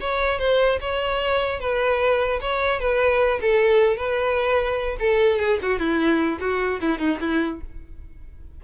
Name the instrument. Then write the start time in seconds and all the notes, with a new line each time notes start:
violin
0.00 C#5
0.39 C5
0.80 C#5
1.60 B4
2.41 C#5
2.80 B4
3.41 A4
3.97 B4
4.99 A4
5.39 G#4
5.62 F#4
5.79 E4
6.40 F#4
6.81 E4
6.98 D#4
7.20 E4